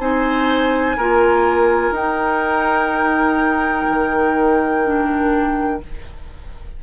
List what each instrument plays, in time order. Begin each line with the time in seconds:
0.00 bassoon C4, clarinet D#4, oboe C5, flute G#5
0.97 bassoon A#3, clarinet F4, oboe A#4
1.91 bassoon D#4, clarinet D#4, flute G5
3.89 bassoon D#3
4.85 clarinet D4